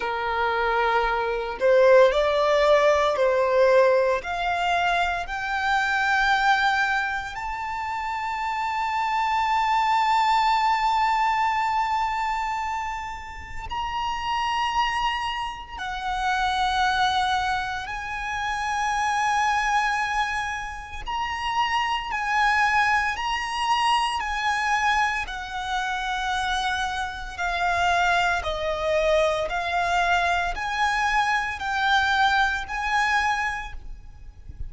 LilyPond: \new Staff \with { instrumentName = "violin" } { \time 4/4 \tempo 4 = 57 ais'4. c''8 d''4 c''4 | f''4 g''2 a''4~ | a''1~ | a''4 ais''2 fis''4~ |
fis''4 gis''2. | ais''4 gis''4 ais''4 gis''4 | fis''2 f''4 dis''4 | f''4 gis''4 g''4 gis''4 | }